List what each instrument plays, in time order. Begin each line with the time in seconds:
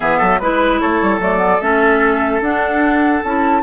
0.00 bassoon E3, clarinet B3, oboe G#4, flute E5
0.18 bassoon F#3, oboe A4
0.39 bassoon G#3, clarinet E4, flute B4, oboe B4
0.79 bassoon A3, oboe A4, flute C#5
1.01 bassoon G3
1.18 bassoon F#3, clarinet A3, flute D5
1.37 clarinet B3
1.60 bassoon A3, clarinet C#4, flute E5
2.40 bassoon D4, clarinet D4, flute F#5
3.23 bassoon C#4, clarinet E4, flute A5